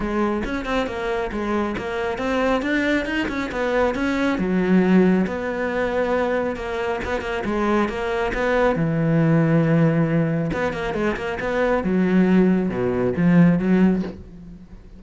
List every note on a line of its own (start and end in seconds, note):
0.00 0.43 G#3
0.44 0.65 C#4
0.65 0.87 C4
0.87 1.30 A#3
1.31 1.75 G#3
1.77 2.18 A#3
2.18 2.61 C4
2.62 3.05 D4
3.05 3.27 D#4
3.28 3.50 C#4
3.51 3.95 B3
3.95 4.38 C#4
4.38 5.26 F#3
5.27 6.56 B3
6.56 7.00 A#3
7.04 7.21 B3
7.21 7.43 A#3
7.45 7.88 G#3
7.88 8.32 A#3
8.34 8.75 B3
8.75 10.50 E3
10.53 10.73 B3
10.73 10.94 A#3
10.94 11.16 G#3
11.16 11.38 A#3
11.40 11.83 B3
11.83 12.69 F#3
12.69 13.13 B2
13.16 13.58 F3
13.58 14.02 F#3